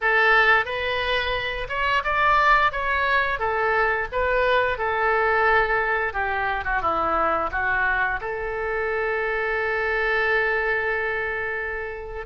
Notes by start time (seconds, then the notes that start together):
0.01 A4
0.65 B4
1.69 C#5
2.04 D5
2.72 C#5
3.39 A4
4.12 B4
4.77 A4
6.13 G4
6.64 F#4
6.82 E4
7.51 F#4
8.20 A4